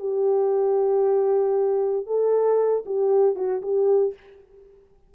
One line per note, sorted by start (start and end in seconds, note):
0.00 2.07 G4
2.07 2.84 A4
2.86 3.36 G4
3.36 3.62 F#4
3.62 4.14 G4